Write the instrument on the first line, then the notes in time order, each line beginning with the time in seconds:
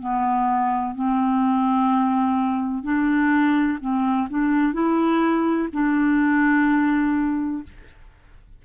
clarinet
0.00 B3
0.95 C4
2.84 D4
3.81 C4
4.30 D4
4.74 E4
5.73 D4